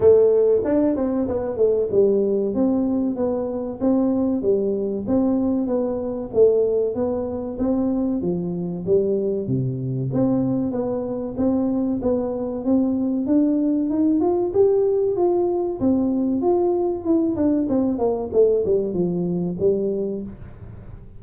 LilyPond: \new Staff \with { instrumentName = "tuba" } { \time 4/4 \tempo 4 = 95 a4 d'8 c'8 b8 a8 g4 | c'4 b4 c'4 g4 | c'4 b4 a4 b4 | c'4 f4 g4 c4 |
c'4 b4 c'4 b4 | c'4 d'4 dis'8 f'8 g'4 | f'4 c'4 f'4 e'8 d'8 | c'8 ais8 a8 g8 f4 g4 | }